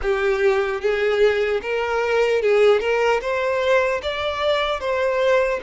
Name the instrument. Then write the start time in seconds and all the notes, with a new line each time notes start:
violin
0.02 G4
0.80 G#4
1.62 A#4
2.42 G#4
2.80 A#4
3.21 C5
4.02 D5
4.80 C5